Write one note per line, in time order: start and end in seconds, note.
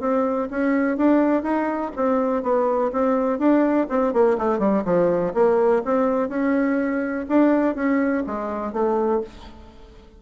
0.00 0.48 C4
0.50 0.97 C#4
0.97 1.43 D4
1.43 1.91 D#4
1.96 2.43 C4
2.43 2.91 B3
2.92 3.39 C4
3.39 3.87 D4
3.89 4.13 C4
4.13 4.37 A#3
4.38 4.59 A3
4.59 4.83 G3
4.85 5.33 F3
5.34 5.82 A#3
5.85 6.29 C4
6.29 7.25 C#4
7.28 7.75 D4
7.75 8.23 C#4
8.26 8.73 G#3
8.73 9.21 A3